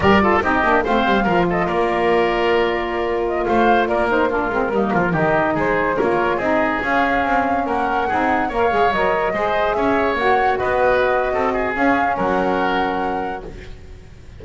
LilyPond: <<
  \new Staff \with { instrumentName = "flute" } { \time 4/4 \tempo 4 = 143 d''4 dis''4 f''4. dis''8 | d''2.~ d''8. dis''16~ | dis''16 f''4 d''8 c''8 ais'4.~ ais'16~ | ais'16 dis''4 c''4 cis''4 dis''8.~ |
dis''16 f''2 fis''4.~ fis''16~ | fis''16 f''4 dis''2 e''8.~ | e''16 fis''4 dis''2~ dis''8. | f''4 fis''2. | }
  \new Staff \with { instrumentName = "oboe" } { \time 4/4 ais'8 a'8 g'4 c''4 ais'8 a'8 | ais'1~ | ais'16 c''4 ais'4 f'4 dis'8 f'16~ | f'16 g'4 gis'4 ais'4 gis'8.~ |
gis'2~ gis'16 ais'4 gis'8.~ | gis'16 cis''2 c''4 cis''8.~ | cis''4~ cis''16 b'4.~ b'16 a'8 gis'8~ | gis'4 ais'2. | }
  \new Staff \with { instrumentName = "saxophone" } { \time 4/4 g'8 f'8 dis'8 d'8 c'4 f'4~ | f'1~ | f'4.~ f'16 dis'8 d'8 c'8 ais8.~ | ais16 dis'2 f'4 dis'8.~ |
dis'16 cis'2. dis'8.~ | dis'16 ais'8 gis'8 ais'4 gis'4.~ gis'16~ | gis'16 fis'2.~ fis'8. | cis'1 | }
  \new Staff \with { instrumentName = "double bass" } { \time 4/4 g4 c'8 ais8 a8 g8 f4 | ais1~ | ais16 a4 ais4. gis8 g8 f16~ | f16 dis4 gis4 ais4 c'8.~ |
c'16 cis'4 c'4 ais4 c'8.~ | c'16 ais8 gis8 fis4 gis4 cis'8.~ | cis'16 ais4 b4.~ b16 c'4 | cis'4 fis2. | }
>>